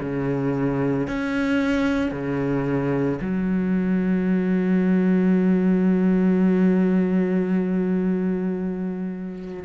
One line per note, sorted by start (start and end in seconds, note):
0.00 1.07 C#3
1.08 2.11 C#4
2.11 3.19 C#3
3.21 9.64 F#3